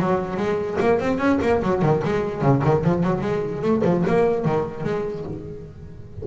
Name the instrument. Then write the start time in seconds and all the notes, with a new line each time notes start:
double bass
0.00 F#3
0.37 G#3
0.80 A#3
0.99 C4
1.18 C#4
1.42 A#3
1.62 F#3
1.82 D#3
2.04 G#3
2.42 C#3
2.64 D#3
2.84 F3
3.03 F#3
3.21 G#3
3.62 A3
3.84 F3
4.07 A#3
4.45 D#3
4.84 G#3